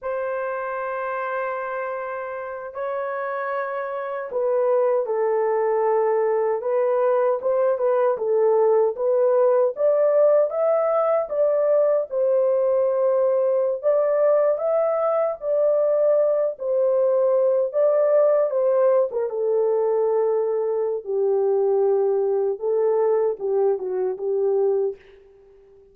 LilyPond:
\new Staff \with { instrumentName = "horn" } { \time 4/4 \tempo 4 = 77 c''2.~ c''8 cis''8~ | cis''4. b'4 a'4.~ | a'8 b'4 c''8 b'8 a'4 b'8~ | b'8 d''4 e''4 d''4 c''8~ |
c''4.~ c''16 d''4 e''4 d''16~ | d''4~ d''16 c''4. d''4 c''16~ | c''8 ais'16 a'2~ a'16 g'4~ | g'4 a'4 g'8 fis'8 g'4 | }